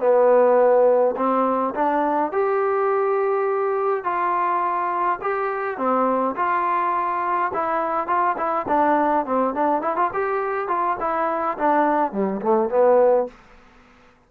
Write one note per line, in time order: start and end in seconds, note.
0.00 1.15 B3
1.17 1.74 C4
1.75 2.32 D4
2.32 4.04 G4
4.04 5.19 F4
5.22 5.78 G4
5.78 6.35 C4
6.36 7.52 F4
7.54 8.07 E4
8.07 8.36 F4
8.38 8.66 E4
8.68 9.26 D4
9.26 9.55 C4
9.55 9.82 D4
9.82 9.97 E4
9.97 10.11 F4
10.14 10.68 G4
10.68 10.97 F4
11.00 11.58 E4
11.58 12.12 D4
12.12 12.41 G3
12.42 12.70 A3
12.70 13.27 B3